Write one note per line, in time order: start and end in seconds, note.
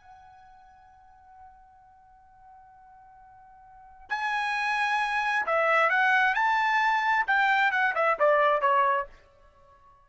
0.00 4.09 F#5
4.09 5.45 G#5
5.46 5.89 E5
5.89 6.35 F#5
6.35 7.25 A5
7.27 7.71 G5
7.71 7.94 F#5
7.95 8.18 E5
8.19 8.61 D5
8.61 9.06 C#5